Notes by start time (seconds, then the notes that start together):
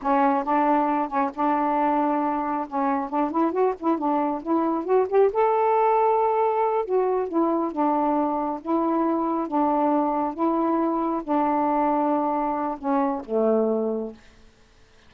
0.02 C#4
0.44 D4
1.08 C#4
1.35 D4
2.68 C#4
3.09 D4
3.30 E4
3.52 F#4
3.79 E4
3.97 D4
4.42 E4
4.84 F#4
5.08 G4
5.32 A4
6.85 F#4
7.28 E4
7.72 D4
8.61 E4
9.47 D4
10.34 E4
11.23 D4
12.78 C#4
13.25 A3